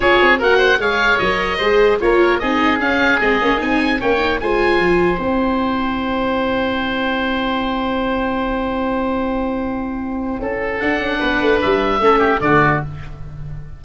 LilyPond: <<
  \new Staff \with { instrumentName = "oboe" } { \time 4/4 \tempo 4 = 150 cis''4 fis''4 f''4 dis''4~ | dis''4 cis''4 dis''4 f''4 | dis''4 gis''4 g''4 gis''4~ | gis''4 g''2.~ |
g''1~ | g''1~ | g''2. fis''4~ | fis''4 e''2 d''4 | }
  \new Staff \with { instrumentName = "oboe" } { \time 4/4 gis'4 ais'8 c''8 cis''2 | c''4 ais'4 gis'2~ | gis'2 cis''4 c''4~ | c''1~ |
c''1~ | c''1~ | c''2 a'2 | b'2 a'8 g'8 fis'4 | }
  \new Staff \with { instrumentName = "viola" } { \time 4/4 f'4 fis'4 gis'4 ais'4 | gis'4 f'4 dis'4 cis'4 | c'8 cis'8 dis'4 cis'8 dis'8 f'4~ | f'4 e'2.~ |
e'1~ | e'1~ | e'2. d'4~ | d'2 cis'4 a4 | }
  \new Staff \with { instrumentName = "tuba" } { \time 4/4 cis'8 c'8 ais4 gis4 fis4 | gis4 ais4 c'4 cis'4 | gis8 ais8 c'4 ais4 gis4 | f4 c'2.~ |
c'1~ | c'1~ | c'2 cis'4 d'8 cis'8 | b8 a8 g4 a4 d4 | }
>>